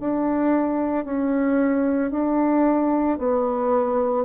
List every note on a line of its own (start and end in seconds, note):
0.00 1.05 D4
1.05 2.11 C#4
2.11 3.18 D4
3.18 4.25 B3